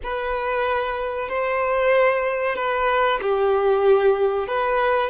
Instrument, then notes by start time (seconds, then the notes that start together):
violin
0.03 B4
1.29 C5
2.55 B4
3.21 G4
4.47 B4